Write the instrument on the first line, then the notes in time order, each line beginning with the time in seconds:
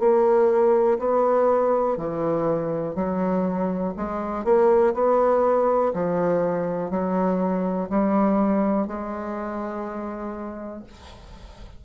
bassoon
0.00 A#3
0.99 B3
1.98 E3
2.96 F#3
3.97 G#3
4.45 A#3
4.94 B3
5.94 F3
6.91 F#3
7.90 G3
8.87 G#3